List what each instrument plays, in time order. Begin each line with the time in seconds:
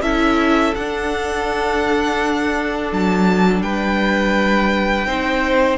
0.00 cello C#4, viola E4, violin A4 E5
0.74 cello D4, viola D4, violin F#5
2.92 cello F#3, violin A5
3.61 cello G3, violin B4 G5
5.06 cello C4, viola D#4, violin C5